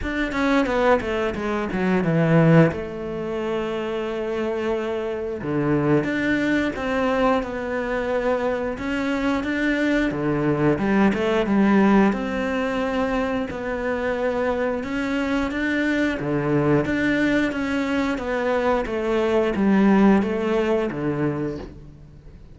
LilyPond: \new Staff \with { instrumentName = "cello" } { \time 4/4 \tempo 4 = 89 d'8 cis'8 b8 a8 gis8 fis8 e4 | a1 | d4 d'4 c'4 b4~ | b4 cis'4 d'4 d4 |
g8 a8 g4 c'2 | b2 cis'4 d'4 | d4 d'4 cis'4 b4 | a4 g4 a4 d4 | }